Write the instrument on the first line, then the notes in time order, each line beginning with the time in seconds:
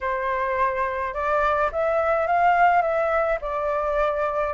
flute
0.01 C5
1.13 D5
1.71 E5
2.26 F5
2.82 E5
3.41 D5